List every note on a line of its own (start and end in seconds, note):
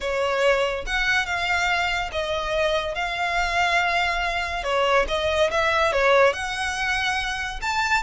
0.00 0.85 C#5
0.86 1.26 F#5
1.26 2.10 F5
2.12 2.95 D#5
2.95 4.63 F5
4.63 5.06 C#5
5.08 5.50 D#5
5.50 5.92 E5
5.92 6.33 C#5
6.33 7.60 F#5
7.61 8.02 A5